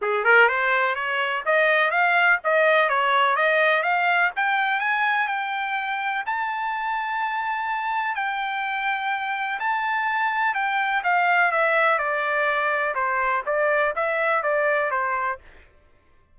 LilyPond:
\new Staff \with { instrumentName = "trumpet" } { \time 4/4 \tempo 4 = 125 gis'8 ais'8 c''4 cis''4 dis''4 | f''4 dis''4 cis''4 dis''4 | f''4 g''4 gis''4 g''4~ | g''4 a''2.~ |
a''4 g''2. | a''2 g''4 f''4 | e''4 d''2 c''4 | d''4 e''4 d''4 c''4 | }